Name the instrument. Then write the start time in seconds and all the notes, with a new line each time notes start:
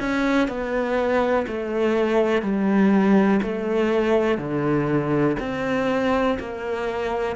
cello
0.00 C#4
0.48 B3
1.48 A3
2.42 G3
3.43 A3
4.38 D3
5.40 C4
6.39 A#3